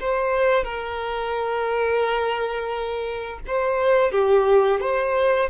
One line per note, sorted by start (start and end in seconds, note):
0.00 0.64 C5
0.64 3.40 A#4
3.47 4.12 C5
4.12 4.81 G4
4.81 5.50 C5